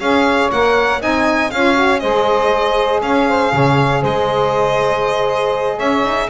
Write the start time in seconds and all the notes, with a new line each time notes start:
0.00 C#4 G#4 C#5 F5
0.51 A#3 A#4 F#5
1.00 C4 D#4 D#5 G#5
1.51 C#4 F4 C#5 F5
1.74 F#4
1.99 G#3 G#4 C5 D#5
3.02 C#4 C#5 F5
3.28 C5
3.53 C#3 C#5
4.01 G#3 C5 D#5
5.77 C#4 C#5 E5
6.05 D#4